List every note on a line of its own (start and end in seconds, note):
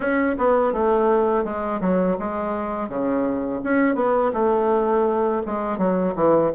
0.00 0.36 C#4
0.37 0.72 B3
0.72 1.44 A3
1.44 1.80 G#3
1.81 2.17 F#3
2.18 2.88 G#3
2.88 3.60 C#3
3.63 3.95 C#4
3.95 4.31 B3
4.33 5.42 A3
5.46 5.77 G#3
5.77 6.13 F#3
6.15 6.51 E3